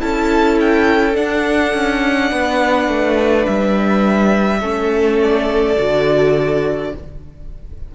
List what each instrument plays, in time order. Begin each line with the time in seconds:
0.00 cello C#4, viola E4, violin A4 A5
0.61 violin G5
1.13 viola D4, cello D4, violin F#5
1.74 cello C#4
2.31 cello B3, violin B4
2.88 cello A3
3.46 cello G3, violin E5
4.60 cello A3, viola C#4, violin A4
5.22 violin D5
5.78 cello D3, viola F#4